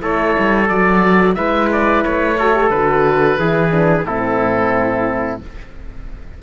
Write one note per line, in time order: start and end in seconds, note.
0.00 0.37 A3
0.00 0.67 E4
0.00 1.37 A4
0.00 0.68 C#5
0.39 0.69 G3
0.68 1.37 F#3
0.68 1.36 F#4
0.68 1.35 D5
1.35 2.04 G#3
1.35 2.37 E4
1.35 2.39 B4
1.35 1.68 E5
1.72 2.04 D5
2.04 2.70 A3
2.04 2.70 C#5
2.39 2.54 F#4
2.39 3.39 A4
2.54 2.71 G4
2.70 3.38 D3
2.70 3.40 F#4
2.70 4.05 B4
3.39 4.04 E3
3.39 3.71 E4
3.39 4.07 G#4
3.71 4.04 D4
4.04 5.39 A2
4.04 5.43 C4
4.04 5.42 E4
4.04 5.40 A4